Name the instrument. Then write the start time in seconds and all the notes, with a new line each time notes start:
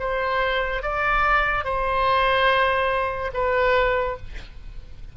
oboe
0.00 C5
0.83 D5
1.65 C5
3.34 B4